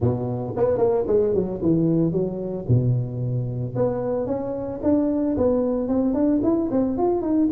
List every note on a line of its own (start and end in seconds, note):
0.00 0.54 B2
0.56 0.77 B3
0.77 1.04 A#3
1.07 1.33 G#3
1.33 1.60 F#3
1.61 2.12 E3
2.12 2.65 F#3
2.68 3.75 B2
3.75 4.26 B3
4.26 4.79 C#4
4.82 5.36 D4
5.37 5.88 B3
5.88 6.14 C4
6.14 6.40 D4
6.43 6.69 E4
6.71 6.97 C4
6.97 7.21 F4
7.21 7.48 D#4